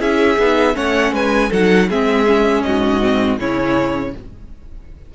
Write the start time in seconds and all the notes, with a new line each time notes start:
0.00 C#4 E4 G#4 E5
0.39 B3 D#4
0.74 A3 C#4 C#5 F#5
1.13 G#3 B4 G#5
1.50 F#3 D#4 A4 F#5
1.89 G#3 C4 G#4 E5
2.27 C#4
2.63 G#2 F#4 D#5
3.01 C4
3.39 C#3 C#4 E4 C#5